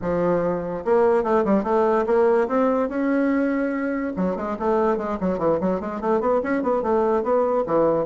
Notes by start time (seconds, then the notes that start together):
0.01 F3
0.84 A#3
1.23 A3
1.44 G3
1.63 A3
2.06 A#3
2.47 C4
2.88 C#4
4.16 F#3
4.36 G#3
4.59 A3
4.97 G#3
5.20 F#3
5.38 E3
5.60 F#3
5.80 G#3
6.00 A3
6.20 B3
6.43 C#4
6.62 B3
6.82 A3
7.23 B3
7.66 E3